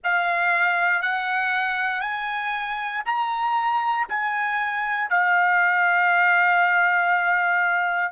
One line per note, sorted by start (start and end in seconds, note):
0.03 1.02 F5
1.02 2.00 F#5
2.00 3.02 G#5
3.05 4.07 A#5
4.08 5.09 G#5
5.09 8.12 F5